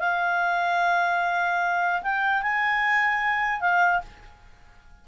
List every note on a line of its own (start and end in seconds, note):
0.00 2.03 F5
2.03 2.43 G5
2.43 3.61 G#5
3.61 4.02 F5